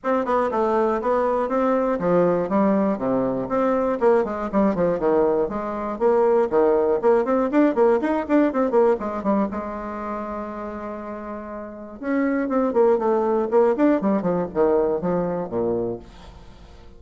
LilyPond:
\new Staff \with { instrumentName = "bassoon" } { \time 4/4 \tempo 4 = 120 c'8 b8 a4 b4 c'4 | f4 g4 c4 c'4 | ais8 gis8 g8 f8 dis4 gis4 | ais4 dis4 ais8 c'8 d'8 ais8 |
dis'8 d'8 c'8 ais8 gis8 g8 gis4~ | gis1 | cis'4 c'8 ais8 a4 ais8 d'8 | g8 f8 dis4 f4 ais,4 | }